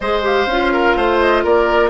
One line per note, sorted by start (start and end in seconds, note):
0.00 0.46 G#3
0.00 0.23 G#4
0.00 0.72 C5
0.00 0.22 D#5
0.23 0.47 G4
0.23 1.20 F5
0.46 0.94 C#4
0.46 1.89 F4
0.72 0.96 A#4
0.96 1.44 A3
0.96 1.43 C5
1.20 1.44 D#5
1.43 1.89 A#3
1.43 1.89 A#4
1.43 1.89 D5